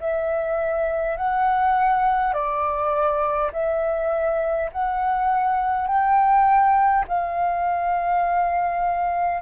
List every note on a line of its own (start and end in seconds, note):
0.00 1.17 E5
1.17 2.33 F#5
2.33 3.51 D5
3.52 4.70 E5
4.72 5.88 F#5
5.88 7.05 G5
7.08 9.42 F5